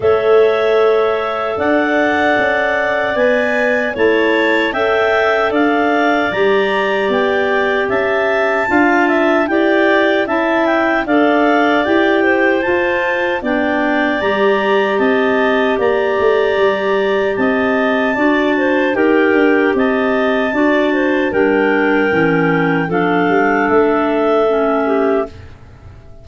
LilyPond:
<<
  \new Staff \with { instrumentName = "clarinet" } { \time 4/4 \tempo 4 = 76 e''2 fis''2 | gis''4 a''4 g''4 f''4 | ais''4 g''4 a''2 | g''4 a''8 g''8 f''4 g''4 |
a''4 g''4 ais''4 a''4 | ais''2 a''2 | g''4 a''2 g''4~ | g''4 f''4 e''2 | }
  \new Staff \with { instrumentName = "clarinet" } { \time 4/4 cis''2 d''2~ | d''4 cis''4 e''4 d''4~ | d''2 e''4 f''8 e''8 | d''4 e''4 d''4. c''8~ |
c''4 d''2 dis''4 | d''2 dis''4 d''8 c''8 | ais'4 dis''4 d''8 c''8 ais'4~ | ais'4 a'2~ a'8 g'8 | }
  \new Staff \with { instrumentName = "clarinet" } { \time 4/4 a'1 | b'4 e'4 a'2 | g'2. f'4 | g'4 e'4 a'4 g'4 |
f'4 d'4 g'2~ | g'2. fis'4 | g'2 fis'4 d'4 | cis'4 d'2 cis'4 | }
  \new Staff \with { instrumentName = "tuba" } { \time 4/4 a2 d'4 cis'4 | b4 a4 cis'4 d'4 | g4 b4 cis'4 d'4 | e'4 cis'4 d'4 e'4 |
f'4 b4 g4 c'4 | ais8 a8 g4 c'4 d'4 | dis'8 d'8 c'4 d'4 g4 | e4 f8 g8 a2 | }
>>